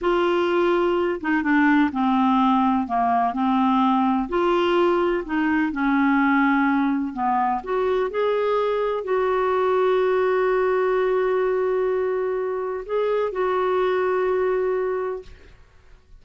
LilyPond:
\new Staff \with { instrumentName = "clarinet" } { \time 4/4 \tempo 4 = 126 f'2~ f'8 dis'8 d'4 | c'2 ais4 c'4~ | c'4 f'2 dis'4 | cis'2. b4 |
fis'4 gis'2 fis'4~ | fis'1~ | fis'2. gis'4 | fis'1 | }